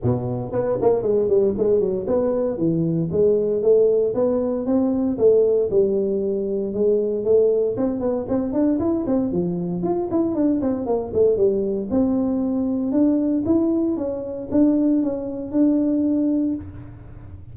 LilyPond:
\new Staff \with { instrumentName = "tuba" } { \time 4/4 \tempo 4 = 116 b,4 b8 ais8 gis8 g8 gis8 fis8 | b4 e4 gis4 a4 | b4 c'4 a4 g4~ | g4 gis4 a4 c'8 b8 |
c'8 d'8 e'8 c'8 f4 f'8 e'8 | d'8 c'8 ais8 a8 g4 c'4~ | c'4 d'4 e'4 cis'4 | d'4 cis'4 d'2 | }